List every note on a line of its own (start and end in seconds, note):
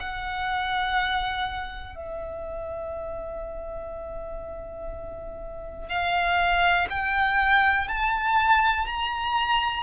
0.00 1.96 F#5
1.96 5.90 E5
5.90 6.88 F5
6.90 7.89 G5
7.89 8.87 A5
8.87 9.84 A#5